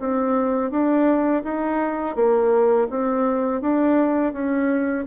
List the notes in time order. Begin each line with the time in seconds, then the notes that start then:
0.00 C4
0.71 D4
1.44 D#4
2.16 A#3
2.90 C4
3.62 D4
4.33 C#4